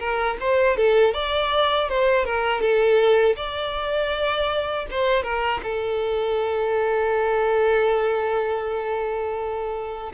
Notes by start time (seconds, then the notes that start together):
0.00 A#4
0.41 C5
0.77 A4
1.15 D5
1.90 C5
2.25 A#4
2.61 A4
3.37 D5
4.91 C5
5.24 A#4
5.64 A4